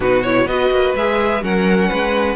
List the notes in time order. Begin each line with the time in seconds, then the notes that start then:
0.00 B2 D#4 F#4 B4
0.23 E4 C#5
0.46 B3 F#4 B4 D#5
0.70 A#3
0.95 G#3 G#4 E5
1.42 F#3 C#4 A#4 F#5
1.88 G#3 B4